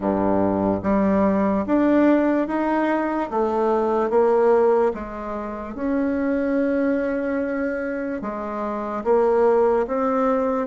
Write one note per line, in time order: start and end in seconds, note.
0.00 0.81 G2
0.83 1.65 G3
1.66 2.47 D4
2.47 3.30 D#4
3.30 4.09 A3
4.09 4.92 A#3
4.94 5.75 G#3
5.75 8.21 C#4
8.21 9.03 G#3
9.04 9.86 A#3
9.87 10.67 C4